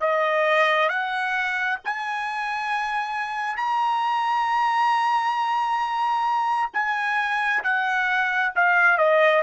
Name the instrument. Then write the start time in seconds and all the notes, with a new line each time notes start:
trumpet
0.00 D#5
0.89 F#5
1.85 G#5
3.57 A#5
6.74 G#5
7.63 F#5
8.55 F5
8.98 D#5